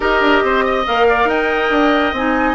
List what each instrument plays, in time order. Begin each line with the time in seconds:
0.00 bassoon D#4, clarinet G4, oboe A#4, flute D#5
0.20 bassoon D4
0.42 bassoon C4, oboe C5
0.64 oboe D#5
0.86 bassoon A#3, clarinet A#4, flute F5
1.08 oboe D5
1.24 bassoon D#4, oboe D#5, flute G5
1.69 bassoon D4
2.12 bassoon C4, clarinet D#4, flute G#5